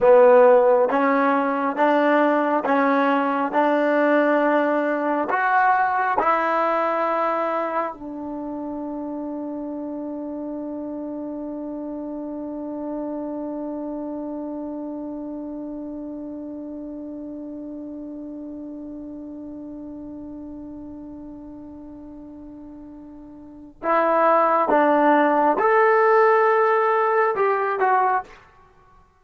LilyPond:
\new Staff \with { instrumentName = "trombone" } { \time 4/4 \tempo 4 = 68 b4 cis'4 d'4 cis'4 | d'2 fis'4 e'4~ | e'4 d'2.~ | d'1~ |
d'1~ | d'1~ | d'2. e'4 | d'4 a'2 g'8 fis'8 | }